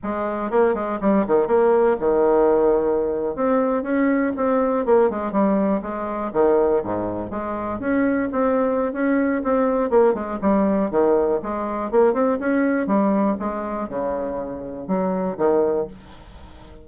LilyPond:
\new Staff \with { instrumentName = "bassoon" } { \time 4/4 \tempo 4 = 121 gis4 ais8 gis8 g8 dis8 ais4 | dis2~ dis8. c'4 cis'16~ | cis'8. c'4 ais8 gis8 g4 gis16~ | gis8. dis4 gis,4 gis4 cis'16~ |
cis'8. c'4~ c'16 cis'4 c'4 | ais8 gis8 g4 dis4 gis4 | ais8 c'8 cis'4 g4 gis4 | cis2 fis4 dis4 | }